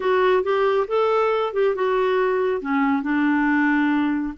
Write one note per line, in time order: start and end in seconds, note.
0.00 0.43 F#4
0.43 0.87 G4
0.87 1.53 A4
1.53 1.75 G4
1.75 2.61 F#4
2.61 3.02 C#4
3.02 4.33 D4